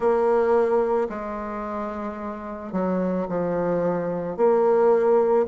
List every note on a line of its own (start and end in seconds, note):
0.00 1.08 A#3
1.09 2.72 G#3
2.72 3.26 F#3
3.28 4.36 F3
4.36 5.45 A#3